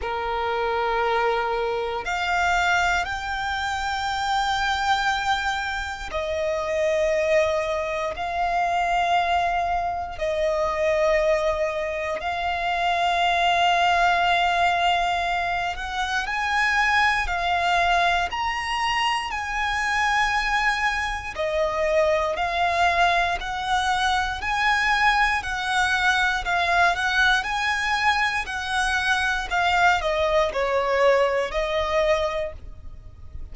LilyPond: \new Staff \with { instrumentName = "violin" } { \time 4/4 \tempo 4 = 59 ais'2 f''4 g''4~ | g''2 dis''2 | f''2 dis''2 | f''2.~ f''8 fis''8 |
gis''4 f''4 ais''4 gis''4~ | gis''4 dis''4 f''4 fis''4 | gis''4 fis''4 f''8 fis''8 gis''4 | fis''4 f''8 dis''8 cis''4 dis''4 | }